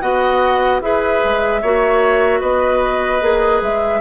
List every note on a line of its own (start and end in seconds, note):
0.00 0.81 B3
0.00 0.81 F#4
0.00 0.81 D#5
0.00 0.80 F#5
0.81 1.21 E4
0.81 1.62 G#4
0.81 1.62 B4
0.81 2.41 E5
1.24 1.62 G#3
1.62 2.41 A#3
1.62 3.21 F#4
1.62 2.40 C#5
2.40 3.21 B3
2.40 4.00 B4
2.40 3.61 D#5
3.21 3.61 A#3
3.21 4.01 G#4
3.61 4.01 G#3
3.61 4.01 E5